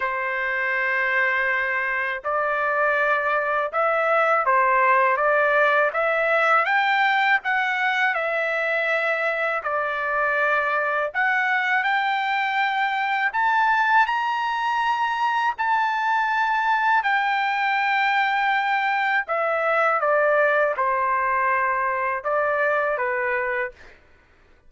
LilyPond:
\new Staff \with { instrumentName = "trumpet" } { \time 4/4 \tempo 4 = 81 c''2. d''4~ | d''4 e''4 c''4 d''4 | e''4 g''4 fis''4 e''4~ | e''4 d''2 fis''4 |
g''2 a''4 ais''4~ | ais''4 a''2 g''4~ | g''2 e''4 d''4 | c''2 d''4 b'4 | }